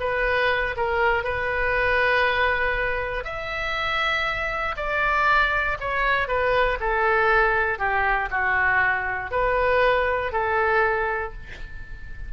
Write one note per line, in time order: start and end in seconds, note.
0.00 0.76 B4
0.77 1.24 A#4
1.24 3.25 B4
3.25 4.76 E5
4.77 5.78 D5
5.80 6.28 C#5
6.28 6.78 B4
6.80 7.79 A4
7.79 8.29 G4
8.31 9.31 F#4
9.31 10.32 B4
10.32 11.33 A4